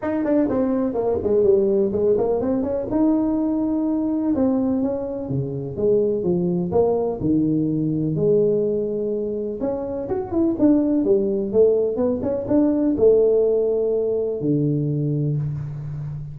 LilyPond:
\new Staff \with { instrumentName = "tuba" } { \time 4/4 \tempo 4 = 125 dis'8 d'8 c'4 ais8 gis8 g4 | gis8 ais8 c'8 cis'8 dis'2~ | dis'4 c'4 cis'4 cis4 | gis4 f4 ais4 dis4~ |
dis4 gis2. | cis'4 fis'8 e'8 d'4 g4 | a4 b8 cis'8 d'4 a4~ | a2 d2 | }